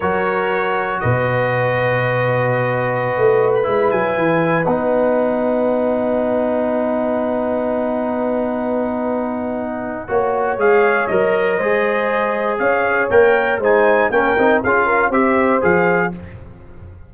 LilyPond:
<<
  \new Staff \with { instrumentName = "trumpet" } { \time 4/4 \tempo 4 = 119 cis''2 dis''2~ | dis''2. b''8. gis''16~ | gis''4~ gis''16 fis''2~ fis''8.~ | fis''1~ |
fis''1~ | fis''4 f''4 dis''2~ | dis''4 f''4 g''4 gis''4 | g''4 f''4 e''4 f''4 | }
  \new Staff \with { instrumentName = "horn" } { \time 4/4 ais'2 b'2~ | b'1~ | b'1~ | b'1~ |
b'1 | cis''2. c''4~ | c''4 cis''2 c''4 | ais'4 gis'8 ais'8 c''2 | }
  \new Staff \with { instrumentName = "trombone" } { \time 4/4 fis'1~ | fis'2.~ fis'16 e'8.~ | e'4~ e'16 dis'2~ dis'8.~ | dis'1~ |
dis'1 | fis'4 gis'4 ais'4 gis'4~ | gis'2 ais'4 dis'4 | cis'8 dis'8 f'4 g'4 gis'4 | }
  \new Staff \with { instrumentName = "tuba" } { \time 4/4 fis2 b,2~ | b,2~ b,16 a4 gis8 fis16~ | fis16 e4 b2~ b8.~ | b1~ |
b1 | ais4 gis4 fis4 gis4~ | gis4 cis'4 ais4 gis4 | ais8 c'8 cis'4 c'4 f4 | }
>>